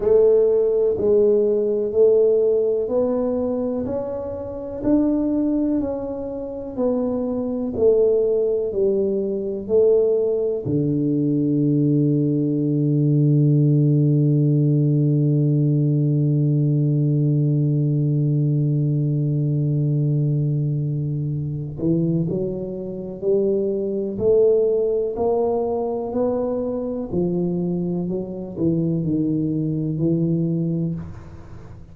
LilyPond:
\new Staff \with { instrumentName = "tuba" } { \time 4/4 \tempo 4 = 62 a4 gis4 a4 b4 | cis'4 d'4 cis'4 b4 | a4 g4 a4 d4~ | d1~ |
d1~ | d2~ d8 e8 fis4 | g4 a4 ais4 b4 | f4 fis8 e8 dis4 e4 | }